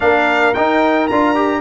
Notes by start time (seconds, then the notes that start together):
0.00 A#3 D4 A#4 F5
0.53 D#4 G5
1.07 D4 F4 A#5
1.34 G4